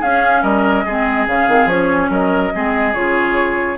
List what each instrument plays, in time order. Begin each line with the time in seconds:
0.00 bassoon C#4, clarinet C#4, oboe G#4, flute F5
0.42 bassoon G3, oboe A#4, flute D#5
0.85 bassoon G#3, clarinet C4, oboe G#4
1.27 bassoon C#3, clarinet C#4, flute F5
1.48 bassoon D#3, clarinet C4
1.65 bassoon F3, clarinet C#4, flute C#5
2.09 bassoon F#3, oboe A#4, flute D#5
2.53 bassoon G#3, clarinet C4, oboe G#4
2.93 bassoon C#3, clarinet F4, flute C#5